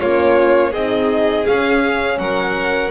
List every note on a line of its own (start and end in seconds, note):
0.00 0.74 A#3
0.00 0.75 C#4
0.00 0.71 F4
0.00 0.73 C#5
0.71 1.47 C4
0.71 1.47 D#4
0.71 2.18 G#4
0.71 1.46 D#5
1.46 2.91 C#4
1.46 2.18 C#4
1.46 2.19 F5
2.18 2.91 F#3
2.18 2.91 A#4
2.18 2.91 F#5